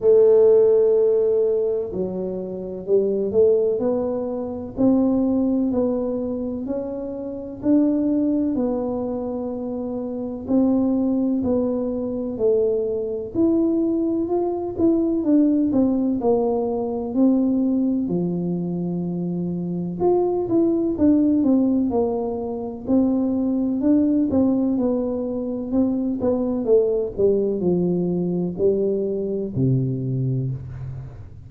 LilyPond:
\new Staff \with { instrumentName = "tuba" } { \time 4/4 \tempo 4 = 63 a2 fis4 g8 a8 | b4 c'4 b4 cis'4 | d'4 b2 c'4 | b4 a4 e'4 f'8 e'8 |
d'8 c'8 ais4 c'4 f4~ | f4 f'8 e'8 d'8 c'8 ais4 | c'4 d'8 c'8 b4 c'8 b8 | a8 g8 f4 g4 c4 | }